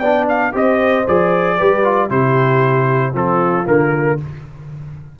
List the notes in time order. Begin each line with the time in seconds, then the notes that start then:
0.00 B3 D4 D5 G5
0.29 F5
0.53 C4 G4 C5 D#5
1.08 F3 G#4 D5
1.58 G3 G4 B4
1.84 F4
2.10 C3 E4 G4 C5
3.13 F3 C4 F4 A4
3.66 D3 A#3 A#4